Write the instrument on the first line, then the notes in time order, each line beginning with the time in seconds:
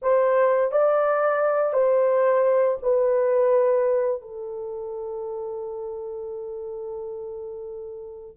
horn
0.02 C5
0.71 D5
1.73 C5
2.82 B4
4.21 A4